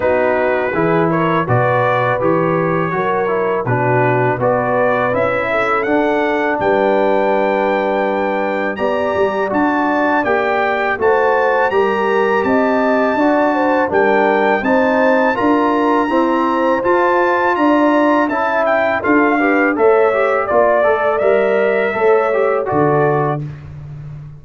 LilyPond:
<<
  \new Staff \with { instrumentName = "trumpet" } { \time 4/4 \tempo 4 = 82 b'4. cis''8 d''4 cis''4~ | cis''4 b'4 d''4 e''4 | fis''4 g''2. | ais''4 a''4 g''4 a''4 |
ais''4 a''2 g''4 | a''4 ais''2 a''4 | ais''4 a''8 g''8 f''4 e''4 | d''4 e''2 d''4 | }
  \new Staff \with { instrumentName = "horn" } { \time 4/4 fis'4 gis'8 ais'8 b'2 | ais'4 fis'4 b'4. a'8~ | a'4 b'2. | d''2. c''4 |
ais'4 dis''4 d''8 c''8 ais'4 | c''4 ais'4 c''2 | d''4 e''4 a'8 b'8 cis''4 | d''2 cis''4 a'4 | }
  \new Staff \with { instrumentName = "trombone" } { \time 4/4 dis'4 e'4 fis'4 g'4 | fis'8 e'8 d'4 fis'4 e'4 | d'1 | g'4 fis'4 g'4 fis'4 |
g'2 fis'4 d'4 | dis'4 f'4 c'4 f'4~ | f'4 e'4 f'8 g'8 a'8 g'8 | f'8 a'8 ais'4 a'8 g'8 fis'4 | }
  \new Staff \with { instrumentName = "tuba" } { \time 4/4 b4 e4 b,4 e4 | fis4 b,4 b4 cis'4 | d'4 g2. | b8 g8 d'4 ais4 a4 |
g4 c'4 d'4 g4 | c'4 d'4 e'4 f'4 | d'4 cis'4 d'4 a4 | ais8 a8 g4 a4 d4 | }
>>